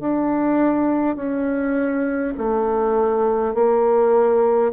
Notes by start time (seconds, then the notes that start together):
0.00 D4
1.16 C#4
2.37 A3
3.54 A#3